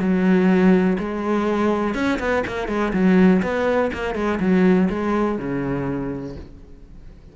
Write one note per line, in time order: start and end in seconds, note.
0.00 0.98 F#3
0.99 1.94 G#3
1.94 2.19 C#4
2.20 2.44 B3
2.47 2.68 A#3
2.68 2.93 G#3
2.93 3.42 F#3
3.43 3.91 B3
3.93 4.15 A#3
4.15 4.40 G#3
4.40 4.89 F#3
4.90 5.39 G#3
5.39 6.36 C#3